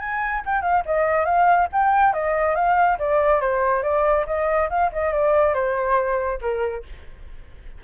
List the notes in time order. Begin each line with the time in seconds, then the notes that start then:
0.00 G#5
0.46 G5
0.62 F5
0.86 D#5
1.26 F5
1.73 G5
2.14 D#5
2.56 F5
2.99 D5
3.41 C5
3.83 D5
4.27 D#5
4.70 F5
4.93 D#5
5.13 D5
5.54 C5
6.42 A#4